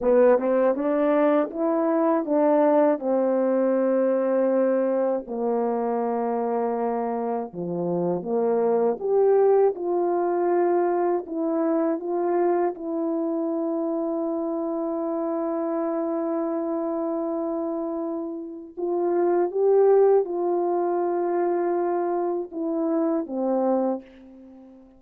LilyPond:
\new Staff \with { instrumentName = "horn" } { \time 4/4 \tempo 4 = 80 b8 c'8 d'4 e'4 d'4 | c'2. ais4~ | ais2 f4 ais4 | g'4 f'2 e'4 |
f'4 e'2.~ | e'1~ | e'4 f'4 g'4 f'4~ | f'2 e'4 c'4 | }